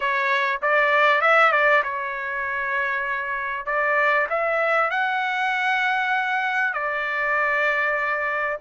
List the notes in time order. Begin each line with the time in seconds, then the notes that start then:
0.00 C#5
0.62 D5
1.21 E5
1.52 D5
1.83 C#5
3.65 D5
4.29 E5
4.90 F#5
6.73 D5